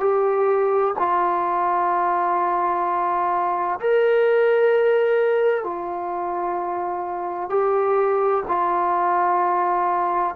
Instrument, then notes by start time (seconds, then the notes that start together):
trombone
0.00 G4
0.98 F4
3.80 A#4
5.63 F4
7.50 G4
8.48 F4